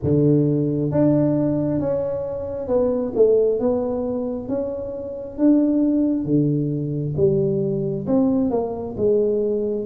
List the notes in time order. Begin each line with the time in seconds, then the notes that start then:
0.02 D3
0.91 D4
1.80 C#4
2.67 B3
3.15 A3
3.59 B3
4.48 C#4
5.37 D4
6.24 D3
7.16 G3
8.06 C4
8.50 A#3
8.97 G#3